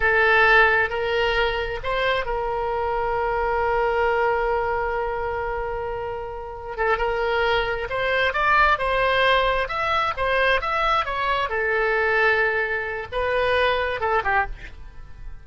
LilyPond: \new Staff \with { instrumentName = "oboe" } { \time 4/4 \tempo 4 = 133 a'2 ais'2 | c''4 ais'2.~ | ais'1~ | ais'2. a'8 ais'8~ |
ais'4. c''4 d''4 c''8~ | c''4. e''4 c''4 e''8~ | e''8 cis''4 a'2~ a'8~ | a'4 b'2 a'8 g'8 | }